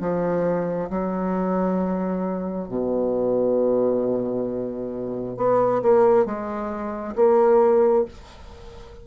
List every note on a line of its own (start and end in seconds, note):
0.00 0.90 F3
0.90 2.68 F#3
2.68 5.37 B2
5.37 5.82 B3
5.82 6.25 A#3
6.25 7.15 G#3
7.16 8.05 A#3